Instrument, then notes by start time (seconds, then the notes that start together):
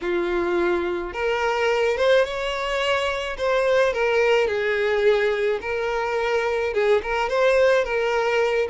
violin
0.01 F4
1.13 A#4
1.97 C5
2.24 C#5
3.37 C5
3.93 A#4
4.47 G#4
5.61 A#4
6.73 G#4
7.02 A#4
7.29 C5
7.84 A#4